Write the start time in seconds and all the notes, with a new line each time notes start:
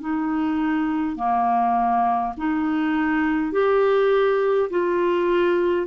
0.00 D#4
1.16 A#3
2.37 D#4
3.52 G4
4.70 F4